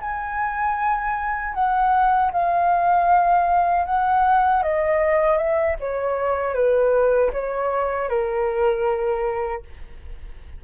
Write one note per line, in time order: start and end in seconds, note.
0.00 1.54 G#5
1.54 2.31 F#5
2.32 3.85 F5
3.85 4.62 F#5
4.62 5.37 D#5
5.37 5.76 E5
5.80 6.54 C#5
6.54 7.31 B4
7.32 8.09 C#5
8.09 9.63 A#4